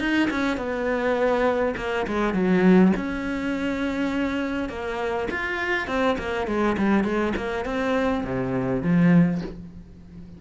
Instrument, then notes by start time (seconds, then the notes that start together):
cello
0.00 D#4
0.31 C#4
0.57 B3
1.77 A#3
2.08 G#3
2.34 F#3
2.97 C#4
4.70 A#3
5.31 F4
5.88 C4
6.19 A#3
6.48 G#3
6.78 G3
7.04 G#3
7.37 A#3
7.66 C4
8.24 C3
8.83 F3